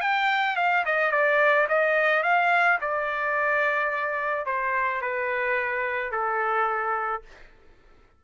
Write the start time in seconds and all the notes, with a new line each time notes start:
0.00 G5
0.56 F5
0.85 D#5
1.11 D5
1.68 D#5
2.23 F5
2.80 D5
4.45 C5
5.01 B4
6.11 A4